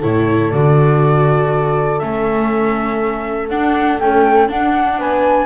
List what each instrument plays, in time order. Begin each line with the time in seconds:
0.00 double bass A2, viola E4, horn A4, flute C#5
0.51 double bass D3, viola F#4, flute D5
1.99 double bass A3, viola C#4, flute E5
3.49 double bass D4, viola D4, flute F#5
4.00 viola A3, double bass C#4, flute G5
4.49 viola D4, double bass D4, flute F#5
4.98 double bass B3, horn B4, flute G#5